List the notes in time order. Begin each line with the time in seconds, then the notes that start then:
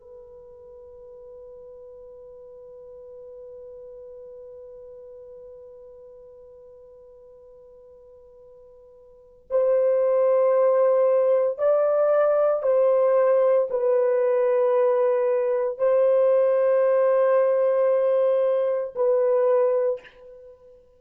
0.00 B4
9.50 C5
11.58 D5
12.63 C5
13.70 B4
15.78 C5
18.95 B4